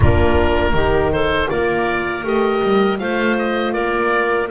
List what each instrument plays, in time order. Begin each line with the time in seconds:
0.00 double bass A#3, horn D4, clarinet F4, oboe A#4
0.73 double bass D#3, horn D#4, clarinet G4
1.12 clarinet A4, oboe C5
1.48 double bass A#3, horn F4, clarinet A#4, oboe D5
2.23 double bass A3, horn G4, oboe D#5
2.63 double bass G3
2.99 double bass A3, horn F4, clarinet C5, oboe F5
3.38 oboe D#5
3.73 double bass A#3, clarinet A#4, oboe D5